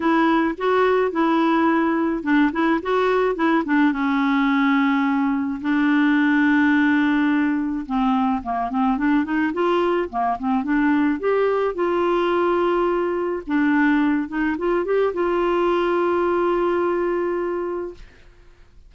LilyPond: \new Staff \with { instrumentName = "clarinet" } { \time 4/4 \tempo 4 = 107 e'4 fis'4 e'2 | d'8 e'8 fis'4 e'8 d'8 cis'4~ | cis'2 d'2~ | d'2 c'4 ais8 c'8 |
d'8 dis'8 f'4 ais8 c'8 d'4 | g'4 f'2. | d'4. dis'8 f'8 g'8 f'4~ | f'1 | }